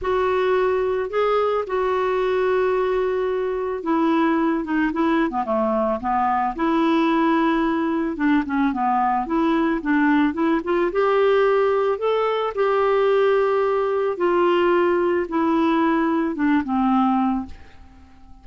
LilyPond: \new Staff \with { instrumentName = "clarinet" } { \time 4/4 \tempo 4 = 110 fis'2 gis'4 fis'4~ | fis'2. e'4~ | e'8 dis'8 e'8. b16 a4 b4 | e'2. d'8 cis'8 |
b4 e'4 d'4 e'8 f'8 | g'2 a'4 g'4~ | g'2 f'2 | e'2 d'8 c'4. | }